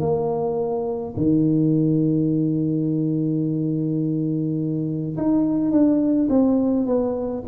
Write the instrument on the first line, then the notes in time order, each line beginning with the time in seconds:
tuba
0.00 A#3
1.17 D#3
5.17 D#4
5.71 D4
6.29 C4
6.86 B3